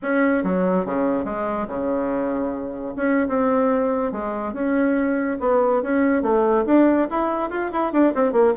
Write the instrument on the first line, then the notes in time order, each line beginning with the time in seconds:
bassoon
0.02 C#4
0.43 F#3
0.85 C#3
1.25 G#3
1.67 C#3
2.96 C#4
3.28 C4
4.11 G#3
4.53 C#4
5.40 B3
5.82 C#4
6.22 A3
6.65 D4
7.10 E4
7.50 F4
7.72 E4
7.92 D4
8.14 C4
8.32 A#3